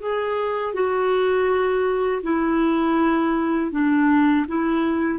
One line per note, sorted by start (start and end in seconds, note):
0.00 0.74 G#4
0.74 2.22 F#4
2.24 3.72 E4
3.72 4.46 D4
4.48 5.19 E4